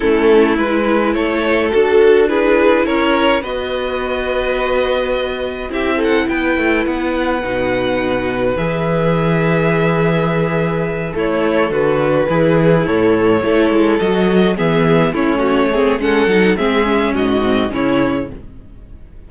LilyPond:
<<
  \new Staff \with { instrumentName = "violin" } { \time 4/4 \tempo 4 = 105 a'4 b'4 cis''4 a'4 | b'4 cis''4 dis''2~ | dis''2 e''8 fis''8 g''4 | fis''2. e''4~ |
e''2.~ e''8 cis''8~ | cis''8 b'2 cis''4.~ | cis''8 dis''4 e''4 cis''4. | fis''4 e''4 dis''4 cis''4 | }
  \new Staff \with { instrumentName = "violin" } { \time 4/4 e'2 a'2 | gis'4 ais'4 b'2~ | b'2 g'8 a'8 b'4~ | b'1~ |
b'2.~ b'8 e'8~ | e'8 fis'4 e'2 a'8~ | a'4. gis'4 e'8 fis'8 gis'8 | a'4 gis'4 fis'4 e'4 | }
  \new Staff \with { instrumentName = "viola" } { \time 4/4 cis'4 e'2 fis'4 | e'2 fis'2~ | fis'2 e'2~ | e'4 dis'2 gis'4~ |
gis'2.~ gis'8 a'8~ | a'4. gis'4 a'4 e'8~ | e'8 fis'4 b4 cis'4 c'8 | cis'8 dis'8 c'8 cis'4 c'8 cis'4 | }
  \new Staff \with { instrumentName = "cello" } { \time 4/4 a4 gis4 a4 d'4~ | d'4 cis'4 b2~ | b2 c'4 b8 a8 | b4 b,2 e4~ |
e2.~ e8 a8~ | a8 d4 e4 a,4 a8 | gis8 fis4 e4 a4. | gis8 fis8 gis4 gis,4 cis4 | }
>>